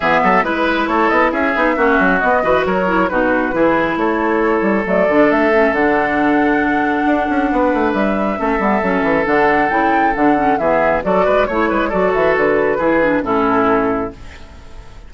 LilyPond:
<<
  \new Staff \with { instrumentName = "flute" } { \time 4/4 \tempo 4 = 136 e''4 b'4 cis''8 dis''8 e''4~ | e''4 dis''4 cis''4 b'4~ | b'4 cis''2 d''4 | e''4 fis''2.~ |
fis''2 e''2~ | e''4 fis''4 g''4 fis''4 | e''4 d''4 cis''4 d''8 e''8 | b'2 a'2 | }
  \new Staff \with { instrumentName = "oboe" } { \time 4/4 gis'8 a'8 b'4 a'4 gis'4 | fis'4. b'8 ais'4 fis'4 | gis'4 a'2.~ | a'1~ |
a'4 b'2 a'4~ | a'1 | gis'4 a'8 b'8 cis''8 b'8 a'4~ | a'4 gis'4 e'2 | }
  \new Staff \with { instrumentName = "clarinet" } { \time 4/4 b4 e'2~ e'8 dis'8 | cis'4 b8 fis'4 e'8 dis'4 | e'2. a8 d'8~ | d'8 cis'8 d'2.~ |
d'2. cis'8 b8 | cis'4 d'4 e'4 d'8 cis'8 | b4 fis'4 e'4 fis'4~ | fis'4 e'8 d'8 cis'2 | }
  \new Staff \with { instrumentName = "bassoon" } { \time 4/4 e8 fis8 gis4 a8 b8 cis'8 b8 | ais8 fis8 b8 e8 fis4 b,4 | e4 a4. g8 fis8 d8 | a4 d2. |
d'8 cis'8 b8 a8 g4 a8 g8 | fis8 e8 d4 cis4 d4 | e4 fis8 gis8 a8 gis8 fis8 e8 | d4 e4 a,2 | }
>>